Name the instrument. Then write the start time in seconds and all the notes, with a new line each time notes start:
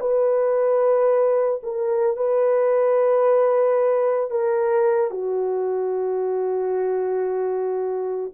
horn
0.00 B4
1.63 A#4
2.16 B4
4.31 A#4
5.10 F#4